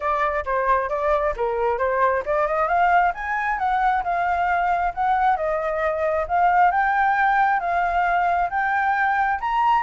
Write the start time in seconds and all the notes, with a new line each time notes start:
0.00 D5
0.45 C5
0.89 D5
1.36 A#4
1.78 C5
2.25 D5
2.47 D#5
2.67 F5
3.14 G#5
3.58 F#5
4.03 F5
4.94 F#5
5.36 D#5
6.28 F5
6.71 G5
7.60 F5
8.50 G5
9.40 A#5